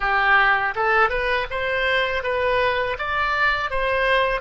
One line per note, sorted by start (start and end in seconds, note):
0.00 0.74 G4
0.75 1.09 A4
1.09 1.46 B4
1.50 2.23 C5
2.23 2.97 B4
2.98 3.70 D5
3.70 4.41 C5